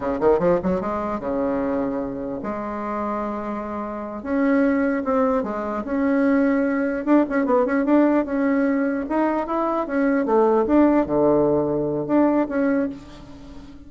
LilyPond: \new Staff \with { instrumentName = "bassoon" } { \time 4/4 \tempo 4 = 149 cis8 dis8 f8 fis8 gis4 cis4~ | cis2 gis2~ | gis2~ gis8 cis'4.~ | cis'8 c'4 gis4 cis'4.~ |
cis'4. d'8 cis'8 b8 cis'8 d'8~ | d'8 cis'2 dis'4 e'8~ | e'8 cis'4 a4 d'4 d8~ | d2 d'4 cis'4 | }